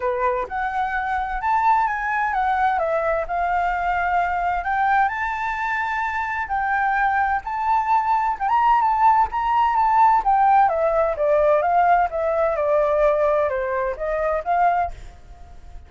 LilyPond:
\new Staff \with { instrumentName = "flute" } { \time 4/4 \tempo 4 = 129 b'4 fis''2 a''4 | gis''4 fis''4 e''4 f''4~ | f''2 g''4 a''4~ | a''2 g''2 |
a''2 g''16 ais''8. a''4 | ais''4 a''4 g''4 e''4 | d''4 f''4 e''4 d''4~ | d''4 c''4 dis''4 f''4 | }